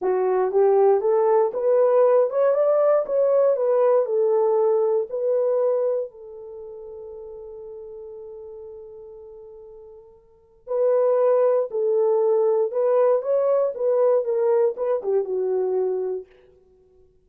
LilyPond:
\new Staff \with { instrumentName = "horn" } { \time 4/4 \tempo 4 = 118 fis'4 g'4 a'4 b'4~ | b'8 cis''8 d''4 cis''4 b'4 | a'2 b'2 | a'1~ |
a'1~ | a'4 b'2 a'4~ | a'4 b'4 cis''4 b'4 | ais'4 b'8 g'8 fis'2 | }